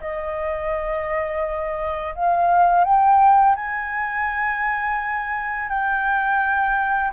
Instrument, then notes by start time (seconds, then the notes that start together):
flute
0.00 D#5
2.15 F5
2.84 G5
3.55 G#5
5.69 G5